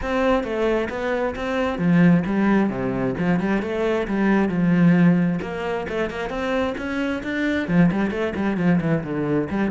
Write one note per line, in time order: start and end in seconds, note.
0.02 0.43 C4
0.43 0.88 A3
0.89 1.34 B3
1.35 1.78 C4
1.78 2.23 F3
2.26 2.69 G3
2.69 3.14 C3
3.18 3.39 F3
3.39 3.62 G3
3.62 4.07 A3
4.07 4.48 G3
4.48 5.39 F3
5.41 5.86 A#3
5.88 6.10 A3
6.10 6.29 A#3
6.29 6.74 C4
6.77 7.22 C#4
7.23 7.68 D4
7.68 7.90 F3
7.91 8.10 G3
8.10 8.33 A3
8.35 8.57 G3
8.57 8.79 F3
8.80 9.03 E3
9.03 9.49 D3
9.50 9.71 G3